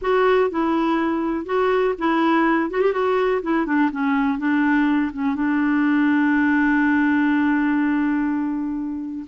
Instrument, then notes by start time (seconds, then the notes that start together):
clarinet
0.01 F#4
0.50 E4
1.45 F#4
1.98 E4
2.70 F#4
2.81 G4
2.92 F#4
3.42 E4
3.66 D4
3.91 C#4
4.38 D4
5.13 C#4
5.35 D4